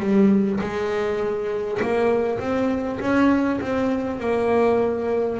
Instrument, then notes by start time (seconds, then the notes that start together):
double bass
0.00 G3
0.61 G#3
1.82 A#3
2.39 C4
3.00 C#4
3.61 C4
4.20 A#3